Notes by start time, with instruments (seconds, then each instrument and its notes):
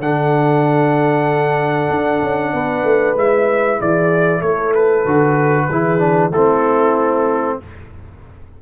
0.00 tuba D3, trombone D4, horn A4, trumpet F#5
1.90 tuba D4
2.22 tuba C#4
2.54 tuba B3, horn B4
2.84 tuba A3
3.16 tuba G#3, trombone E4, trumpet E5
3.80 tuba E3, horn G#4, trumpet D5
4.40 tuba A3, horn A4, trumpet C#5
4.75 trumpet B4
5.05 tuba D3, trombone F#4
5.70 tuba E3, trombone E4, horn G#4
5.99 trombone D4
6.31 tuba A3, trombone C4, horn E4, trumpet A4